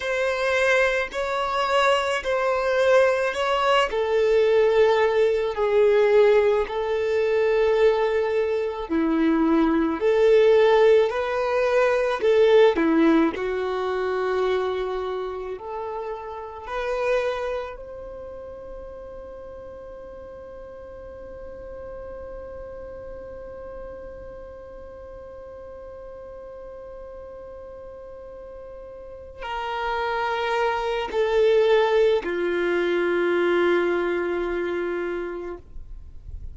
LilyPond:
\new Staff \with { instrumentName = "violin" } { \time 4/4 \tempo 4 = 54 c''4 cis''4 c''4 cis''8 a'8~ | a'4 gis'4 a'2 | e'4 a'4 b'4 a'8 e'8 | fis'2 a'4 b'4 |
c''1~ | c''1~ | c''2~ c''8 ais'4. | a'4 f'2. | }